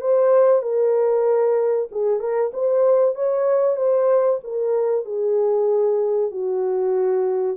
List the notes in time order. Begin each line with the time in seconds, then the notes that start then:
0.00 C5
0.62 A#4
1.91 G#4
2.19 A#4
2.53 C5
3.15 C#5
3.76 C5
4.43 A#4
5.04 G#4
6.31 F#4